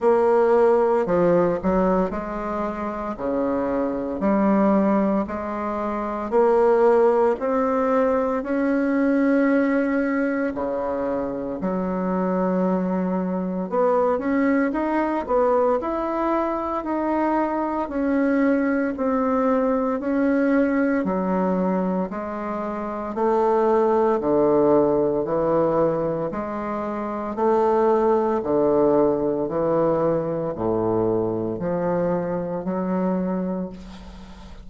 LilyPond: \new Staff \with { instrumentName = "bassoon" } { \time 4/4 \tempo 4 = 57 ais4 f8 fis8 gis4 cis4 | g4 gis4 ais4 c'4 | cis'2 cis4 fis4~ | fis4 b8 cis'8 dis'8 b8 e'4 |
dis'4 cis'4 c'4 cis'4 | fis4 gis4 a4 d4 | e4 gis4 a4 d4 | e4 a,4 f4 fis4 | }